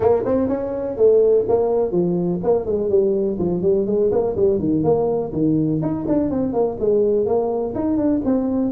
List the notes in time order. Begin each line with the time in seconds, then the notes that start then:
0.00 A#3
0.25 C4
0.48 C#4
0.96 A3
1.48 A#3
1.91 F3
2.43 A#3
2.65 G#3
2.89 G3
3.38 F3
3.62 G3
3.86 G#3
4.11 A#3
4.35 G3
4.59 D#3
4.83 A#3
5.32 D#3
5.82 D#4
6.07 D4
6.30 C4
6.53 A#3
6.79 G#3
7.25 A#3
7.74 D#4
7.97 D4
8.25 C4